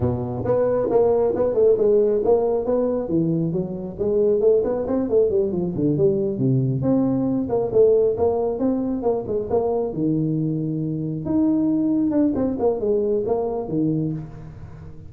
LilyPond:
\new Staff \with { instrumentName = "tuba" } { \time 4/4 \tempo 4 = 136 b,4 b4 ais4 b8 a8 | gis4 ais4 b4 e4 | fis4 gis4 a8 b8 c'8 a8 | g8 f8 d8 g4 c4 c'8~ |
c'4 ais8 a4 ais4 c'8~ | c'8 ais8 gis8 ais4 dis4.~ | dis4. dis'2 d'8 | c'8 ais8 gis4 ais4 dis4 | }